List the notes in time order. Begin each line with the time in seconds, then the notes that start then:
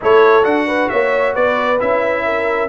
0.01 A3 E4 A4 C#5
0.42 D4 F#4 F#5
0.66 B4
0.89 A#3 C#5 E5
1.34 B3 B4 D5
1.79 C#4 E4 E5
2.24 A#4